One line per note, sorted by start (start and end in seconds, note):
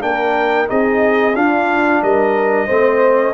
0.00 0.68 A#3
0.00 0.66 D4
0.00 0.70 A#4
0.00 0.68 G5
0.66 1.34 C4
0.66 1.33 D#4
0.66 1.35 G#4
0.66 1.35 D#5
1.34 2.01 D4
1.34 2.68 D4
1.34 2.02 F4
1.34 2.02 F5
2.02 2.69 G3
2.02 2.66 A#4
2.02 3.34 D#5
2.66 3.34 A3
2.66 3.34 C4
2.66 3.33 C5